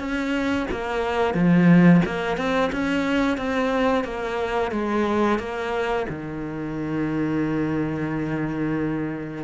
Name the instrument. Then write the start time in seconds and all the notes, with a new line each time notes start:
cello
0.00 C#4
0.72 A#3
1.35 F3
2.06 A#3
2.37 C4
2.73 C#4
3.38 C4
4.04 A#3
4.72 G#3
5.39 A#3
6.10 D#3